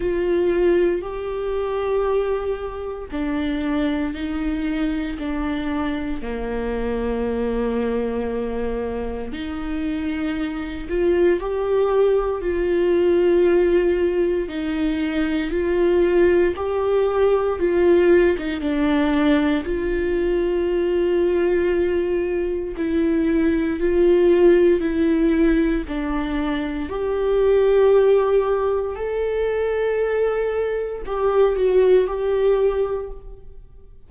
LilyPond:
\new Staff \with { instrumentName = "viola" } { \time 4/4 \tempo 4 = 58 f'4 g'2 d'4 | dis'4 d'4 ais2~ | ais4 dis'4. f'8 g'4 | f'2 dis'4 f'4 |
g'4 f'8. dis'16 d'4 f'4~ | f'2 e'4 f'4 | e'4 d'4 g'2 | a'2 g'8 fis'8 g'4 | }